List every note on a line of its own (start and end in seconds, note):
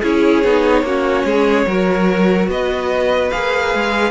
0.00 0.43 C#4
0.00 0.43 E4
0.00 0.82 G#4
0.00 2.49 C#5
0.43 0.82 B3
0.43 0.85 D#4
0.82 1.23 A#3
0.82 1.67 C#4
0.82 1.25 F#4
1.24 1.65 G#3
1.24 1.66 G#4
1.66 2.48 F#3
1.66 3.32 F#4
1.66 2.49 A#4
2.48 3.30 B3
2.48 4.11 B4
2.48 3.30 D#5
3.30 3.74 A#3
3.30 4.11 G#4
3.30 4.11 F5
3.74 4.11 G#3